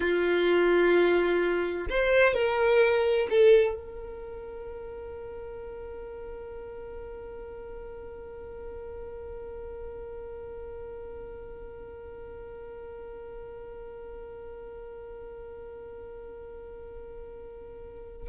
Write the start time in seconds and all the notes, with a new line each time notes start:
0.00 F4
1.89 C5
2.34 A#4
3.30 A4
3.75 A#4